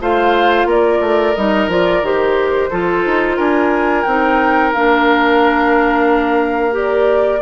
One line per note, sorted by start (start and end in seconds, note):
0.00 0.65 A3
0.00 1.35 F4
0.00 0.67 C5
0.00 0.70 F5
0.65 0.99 A#3
0.65 2.70 A#4
0.65 1.35 D5
1.00 1.34 A3
1.35 1.68 G3
1.35 1.69 D#4
1.35 1.69 D#5
1.68 2.01 F3
1.68 2.03 F4
1.68 2.05 D5
2.01 2.69 D#3
2.01 2.70 G4
2.01 3.38 C5
2.70 3.05 F3
2.70 4.05 F4
2.70 3.36 A4
3.05 3.38 D#4
3.36 4.05 D4
3.36 7.41 A#4
3.36 4.04 G#5
4.04 4.73 C4
4.04 4.75 D#4
4.04 4.71 G5
4.73 7.42 A#3
4.73 6.71 D4
4.73 6.75 F5
6.71 7.39 G4
6.71 7.42 D5